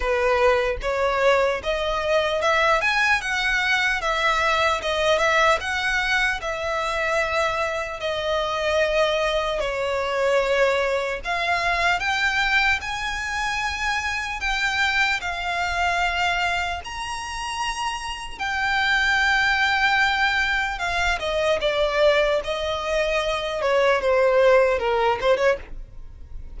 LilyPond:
\new Staff \with { instrumentName = "violin" } { \time 4/4 \tempo 4 = 75 b'4 cis''4 dis''4 e''8 gis''8 | fis''4 e''4 dis''8 e''8 fis''4 | e''2 dis''2 | cis''2 f''4 g''4 |
gis''2 g''4 f''4~ | f''4 ais''2 g''4~ | g''2 f''8 dis''8 d''4 | dis''4. cis''8 c''4 ais'8 c''16 cis''16 | }